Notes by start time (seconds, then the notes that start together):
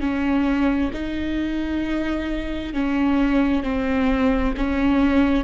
0.00 C#4
0.93 D#4
2.73 C#4
3.63 C4
4.57 C#4